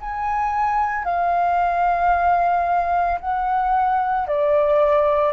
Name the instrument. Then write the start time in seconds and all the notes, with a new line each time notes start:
flute
0.00 G#5
1.05 F5
3.20 F#5
4.28 D5